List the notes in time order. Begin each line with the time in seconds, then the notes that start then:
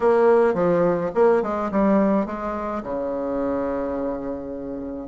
0.00 A#3
0.54 F3
1.14 A#3
1.42 G#3
1.71 G3
2.26 G#3
2.83 C#3